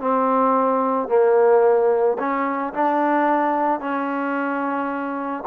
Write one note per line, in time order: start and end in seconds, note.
0.00 1.08 C4
1.08 2.17 A#3
2.19 2.73 C#4
2.74 3.80 D4
3.80 5.43 C#4